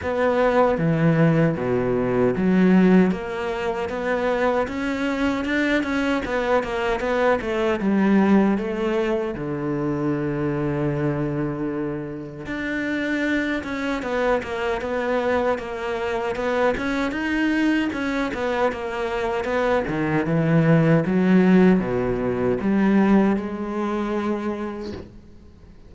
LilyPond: \new Staff \with { instrumentName = "cello" } { \time 4/4 \tempo 4 = 77 b4 e4 b,4 fis4 | ais4 b4 cis'4 d'8 cis'8 | b8 ais8 b8 a8 g4 a4 | d1 |
d'4. cis'8 b8 ais8 b4 | ais4 b8 cis'8 dis'4 cis'8 b8 | ais4 b8 dis8 e4 fis4 | b,4 g4 gis2 | }